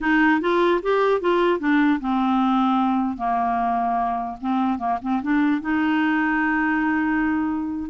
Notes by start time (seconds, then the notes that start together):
0.00 D#4
0.41 F4
0.82 G4
1.20 F4
1.59 D4
2.00 C4
3.17 A#3
4.40 C4
4.78 A#3
5.01 C4
5.22 D4
5.61 D#4